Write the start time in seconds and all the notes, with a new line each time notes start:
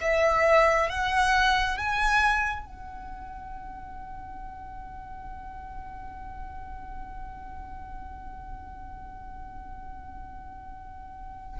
0.00 E5
0.89 F#5
1.77 G#5
2.65 F#5